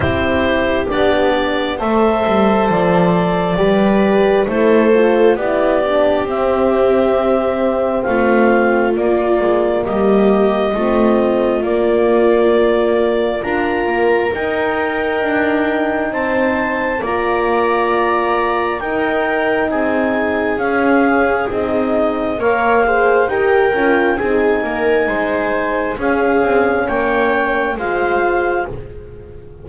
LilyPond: <<
  \new Staff \with { instrumentName = "clarinet" } { \time 4/4 \tempo 4 = 67 c''4 d''4 e''4 d''4~ | d''4 c''4 d''4 e''4~ | e''4 f''4 d''4 dis''4~ | dis''4 d''2 ais''4 |
g''2 a''4 ais''4~ | ais''4 g''4 gis''4 f''4 | dis''4 f''4 g''4 gis''4~ | gis''4 f''4 g''4 f''4 | }
  \new Staff \with { instrumentName = "viola" } { \time 4/4 g'2 c''2 | b'4 a'4 g'2~ | g'4 f'2 g'4 | f'2. ais'4~ |
ais'2 c''4 d''4~ | d''4 ais'4 gis'2~ | gis'4 cis''8 c''8 ais'4 gis'8 ais'8 | c''4 gis'4 cis''4 c''4 | }
  \new Staff \with { instrumentName = "horn" } { \time 4/4 e'4 d'4 a'2 | g'4 e'8 f'8 e'8 d'8 c'4~ | c'2 ais2 | c'4 ais2 f'4 |
dis'2. f'4~ | f'4 dis'2 cis'4 | dis'4 ais'8 gis'8 g'8 f'8 dis'4~ | dis'4 cis'2 f'4 | }
  \new Staff \with { instrumentName = "double bass" } { \time 4/4 c'4 b4 a8 g8 f4 | g4 a4 b4 c'4~ | c'4 a4 ais8 gis8 g4 | a4 ais2 d'8 ais8 |
dis'4 d'4 c'4 ais4~ | ais4 dis'4 c'4 cis'4 | c'4 ais4 dis'8 cis'8 c'8 ais8 | gis4 cis'8 c'8 ais4 gis4 | }
>>